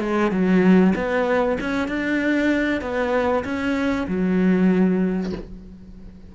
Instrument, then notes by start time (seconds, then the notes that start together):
cello
0.00 G#3
0.31 F#3
0.95 B3
1.60 C#4
1.88 D4
2.81 B3
3.44 C#4
4.07 F#3